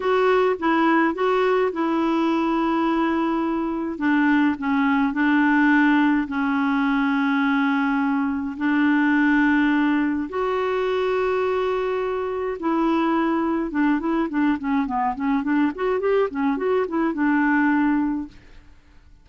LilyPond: \new Staff \with { instrumentName = "clarinet" } { \time 4/4 \tempo 4 = 105 fis'4 e'4 fis'4 e'4~ | e'2. d'4 | cis'4 d'2 cis'4~ | cis'2. d'4~ |
d'2 fis'2~ | fis'2 e'2 | d'8 e'8 d'8 cis'8 b8 cis'8 d'8 fis'8 | g'8 cis'8 fis'8 e'8 d'2 | }